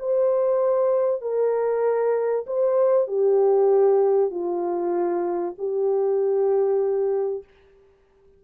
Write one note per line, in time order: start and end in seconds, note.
0.00 1.22 C5
1.22 2.46 A#4
2.47 3.08 C5
3.08 4.31 G4
4.31 5.55 F4
5.59 7.44 G4